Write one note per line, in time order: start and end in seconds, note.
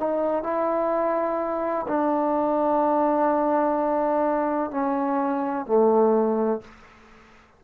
0.00 0.43 D#4
0.43 1.86 E4
1.88 4.71 D4
4.71 5.66 C#4
5.66 6.61 A3